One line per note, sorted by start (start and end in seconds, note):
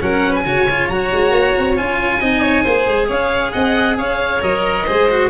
0.00 0.45 F#3
0.00 0.44 C#4
0.00 0.30 A#4
0.00 0.34 F#5
0.30 0.41 B4
0.30 0.88 G#5
0.45 0.89 C#3
0.45 0.67 F#4
0.45 2.20 C#5
0.69 0.91 F4
0.88 1.11 F#3
0.88 1.76 F#4
0.88 1.76 A#5
1.12 1.30 G#3
1.30 1.52 A#3
1.58 1.80 C4
1.76 2.20 C#4
1.76 2.20 F4
1.76 3.09 G#5
2.20 2.64 C4
2.20 2.65 D#4
2.20 2.41 D#5
2.41 2.62 C#5
2.62 2.86 A#3
2.62 4.41 G#4
2.62 3.06 C5
2.86 3.08 G#3
3.07 3.53 C#4
3.07 3.51 C#5
3.07 3.51 F5
3.51 3.97 C4
3.51 3.96 D#5
3.51 3.95 F#5
3.97 4.41 C#4
3.97 4.85 C#5
3.97 4.42 F5
4.41 4.86 F#3
4.41 4.85 A#4
4.41 5.30 D#5
4.85 5.30 G#3
4.85 5.09 G#4
4.85 5.30 C5
5.09 5.30 F#4